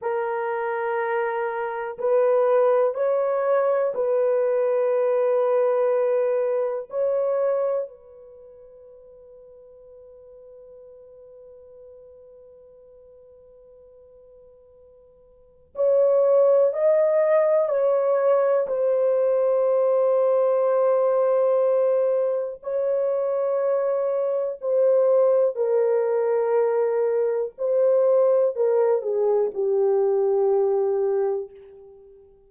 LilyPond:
\new Staff \with { instrumentName = "horn" } { \time 4/4 \tempo 4 = 61 ais'2 b'4 cis''4 | b'2. cis''4 | b'1~ | b'1 |
cis''4 dis''4 cis''4 c''4~ | c''2. cis''4~ | cis''4 c''4 ais'2 | c''4 ais'8 gis'8 g'2 | }